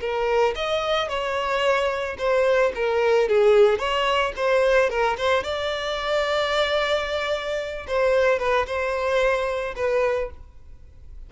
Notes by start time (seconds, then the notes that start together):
0.00 A#4
0.55 D#5
1.08 C#5
2.18 C5
2.75 A#4
3.28 G#4
3.78 C#5
4.36 C5
4.89 A#4
5.17 C5
5.43 D5
7.87 C5
8.39 B4
8.66 C5
9.76 B4